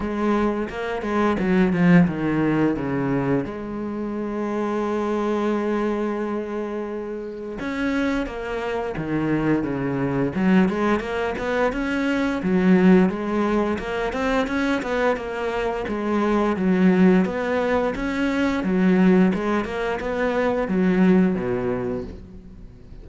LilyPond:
\new Staff \with { instrumentName = "cello" } { \time 4/4 \tempo 4 = 87 gis4 ais8 gis8 fis8 f8 dis4 | cis4 gis2.~ | gis2. cis'4 | ais4 dis4 cis4 fis8 gis8 |
ais8 b8 cis'4 fis4 gis4 | ais8 c'8 cis'8 b8 ais4 gis4 | fis4 b4 cis'4 fis4 | gis8 ais8 b4 fis4 b,4 | }